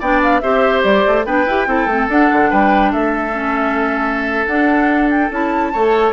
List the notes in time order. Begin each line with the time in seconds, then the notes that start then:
0.00 B3 D4 D5 G5
0.23 F5
0.41 C4 G4 C5 E5
0.83 G3 D5
1.07 A3
1.25 B3 D4 B4 G5
1.46 E4 G4
1.67 C4 E4 A4
1.86 A3 C4
2.09 D4 F#5
2.32 D3
2.50 G3 B4 G5
2.92 A3 A4 E5
3.33 C#4
4.47 D4 F#5
5.10 G5
5.31 C#4 E4 A5
5.73 A3 A4 C#5